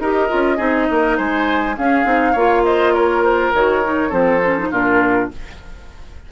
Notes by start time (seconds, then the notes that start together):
0.00 D#4 G4 A#4 D#5
0.30 C#4 F4
0.57 C4 D#4 G#4
0.91 A#3 A#4
1.17 G#3 C5 G#5
1.77 C#4 G#4 F5
2.05 C4 D#4
2.33 A#3 F4 C#5
2.65 C5 D#5
2.94 A#4 C#5
3.24 C5
3.54 D#3 F#4 C#5
3.83 D#4
4.09 F3 C4 A4 C5
4.45 C#4
4.59 D#4
4.71 A#2 D4 F4 A#4